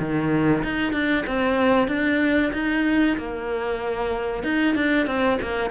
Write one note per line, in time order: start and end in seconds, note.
0.00 0.64 D#3
0.64 0.93 D#4
0.93 1.25 D4
1.27 1.89 C4
1.89 2.52 D4
2.54 3.17 D#4
3.18 4.44 A#3
4.44 4.76 D#4
4.76 5.07 D4
5.07 5.39 C4
5.42 5.71 A#3